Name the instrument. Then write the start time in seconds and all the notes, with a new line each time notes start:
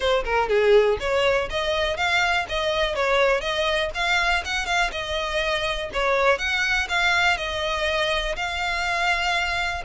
violin
0.00 C5
0.24 A#4
0.48 G#4
1.00 C#5
1.50 D#5
1.96 F5
2.48 D#5
2.95 C#5
3.40 D#5
3.94 F5
4.45 F#5
4.66 F5
4.91 D#5
5.93 C#5
6.38 F#5
6.88 F5
7.37 D#5
8.36 F5